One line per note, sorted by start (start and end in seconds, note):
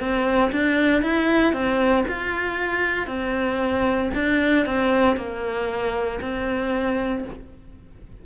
0.00 0.52 C4
0.52 1.03 D4
1.03 1.53 E4
1.53 2.05 C4
2.08 3.08 F4
3.08 4.11 C4
4.15 4.66 D4
4.66 5.17 C4
5.17 6.20 A#3
6.22 7.25 C4